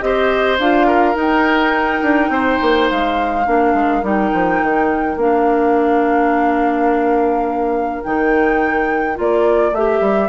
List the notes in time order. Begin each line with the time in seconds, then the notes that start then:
0.00 C4 G4 C5 D#5
0.59 D4 F4 F5
0.87 A#4
1.15 D#4 G5
2.02 D4
2.29 C4 C5
2.62 A#3
2.90 G#3 F5
3.46 A#3 D4 A#4
3.74 G#3
4.03 G3 D#4 G5
4.33 F3
4.62 D#3
5.17 A#3 D4 F5
8.03 D#3 D#4 G5
9.15 A#3 F4 D5
9.72 A3 G4 E5
10.01 G3